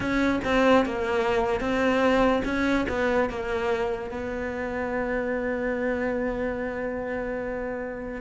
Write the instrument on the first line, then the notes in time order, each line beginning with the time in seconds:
cello
0.00 C#4
0.44 C4
0.85 A#3
1.60 C4
2.44 C#4
2.88 B3
3.29 A#3
4.10 B3